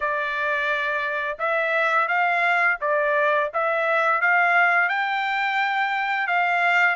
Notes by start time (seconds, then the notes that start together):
0.00 D5
1.38 E5
2.07 F5
2.81 D5
3.53 E5
4.21 F5
4.88 G5
6.27 F5